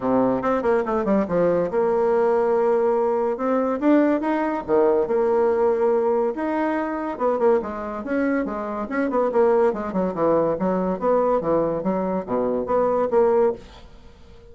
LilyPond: \new Staff \with { instrumentName = "bassoon" } { \time 4/4 \tempo 4 = 142 c4 c'8 ais8 a8 g8 f4 | ais1 | c'4 d'4 dis'4 dis4 | ais2. dis'4~ |
dis'4 b8 ais8 gis4 cis'4 | gis4 cis'8 b8 ais4 gis8 fis8 | e4 fis4 b4 e4 | fis4 b,4 b4 ais4 | }